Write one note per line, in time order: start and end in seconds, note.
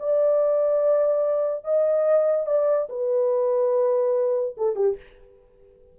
0.00 1.65 D5
1.65 2.47 D#5
2.47 2.88 D5
2.90 4.56 B4
4.58 4.76 A4
4.76 4.97 G4